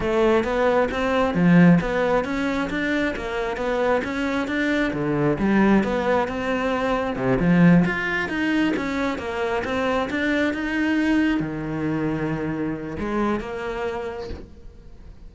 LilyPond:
\new Staff \with { instrumentName = "cello" } { \time 4/4 \tempo 4 = 134 a4 b4 c'4 f4 | b4 cis'4 d'4 ais4 | b4 cis'4 d'4 d4 | g4 b4 c'2 |
c8 f4 f'4 dis'4 cis'8~ | cis'8 ais4 c'4 d'4 dis'8~ | dis'4. dis2~ dis8~ | dis4 gis4 ais2 | }